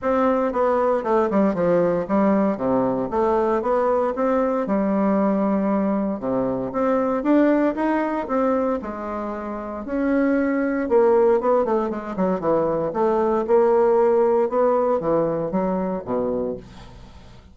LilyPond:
\new Staff \with { instrumentName = "bassoon" } { \time 4/4 \tempo 4 = 116 c'4 b4 a8 g8 f4 | g4 c4 a4 b4 | c'4 g2. | c4 c'4 d'4 dis'4 |
c'4 gis2 cis'4~ | cis'4 ais4 b8 a8 gis8 fis8 | e4 a4 ais2 | b4 e4 fis4 b,4 | }